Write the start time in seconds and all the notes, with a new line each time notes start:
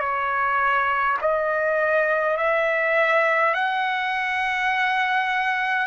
0.00 C#5
1.22 D#5
2.37 E5
3.55 F#5